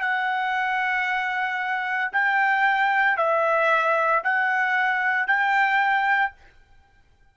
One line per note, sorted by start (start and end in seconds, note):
0.00 2.11 F#5
2.12 3.17 G5
3.17 4.22 E5
4.23 5.27 F#5
5.27 6.32 G5